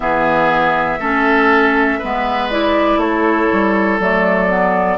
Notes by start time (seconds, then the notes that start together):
0.00 E3 B3 G#4 E5
0.99 A3 C#4 A4
1.98 G#3 B3 B4
2.49 E4 D5
2.96 A3 A4 C#5
3.52 G3
3.99 F#3 A3 D5
4.49 B3